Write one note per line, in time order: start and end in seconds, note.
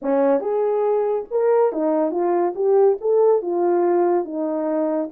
0.02 0.40 C#4
0.40 1.25 G#4
1.30 1.72 A#4
1.72 2.11 D#4
2.11 2.53 F4
2.55 2.97 G4
3.00 3.42 A4
3.42 4.24 F4
4.24 5.09 D#4